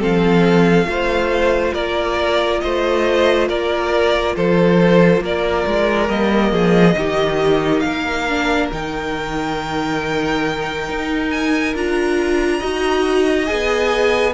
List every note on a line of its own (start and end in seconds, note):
0.00 0.85 F3
0.00 0.86 C4
0.00 0.87 A4
0.00 1.74 F5
0.85 1.72 A3
0.85 6.08 F4
0.85 1.74 C5
1.74 2.61 A#3
1.74 2.61 A#4
1.74 2.60 D5
2.60 3.49 A3
2.60 3.48 C5
2.60 3.47 D#5
3.48 4.36 A#3
3.48 4.35 A#4
3.48 4.36 D5
4.36 5.20 F3
4.36 5.23 A4
4.36 5.23 C5
5.20 5.63 A#3
5.20 6.52 A#4
5.20 6.09 D5
5.66 6.09 G#3
6.09 6.52 G3
6.09 6.96 A#3
6.09 7.79 D#5
6.52 6.95 F3
6.52 6.95 G#4
6.96 7.83 D#3
6.96 8.29 D#4
6.96 7.84 G4
7.79 8.70 A#3
7.79 8.66 F5
7.86 12.59 A#4
8.29 8.72 D4
8.72 10.89 D#3
8.72 11.75 D#4
8.72 11.30 G5
10.89 11.74 D#4
11.30 11.74 G#5
11.74 12.61 D4
11.74 12.61 F4
11.74 13.46 A#5
12.59 13.50 D#4
12.59 13.45 F#4
12.59 14.33 D#5
13.45 14.34 B3
13.45 14.32 G#4
13.45 14.33 G#5